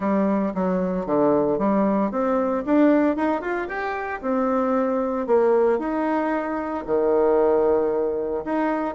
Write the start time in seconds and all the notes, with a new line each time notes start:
0.00 G3
0.54 F#3
1.06 D3
1.58 G3
2.11 C4
2.65 D4
3.16 D#4
3.41 F4
3.68 G4
4.21 C4
5.27 A#3
5.78 D#4
6.86 D#3
8.44 D#4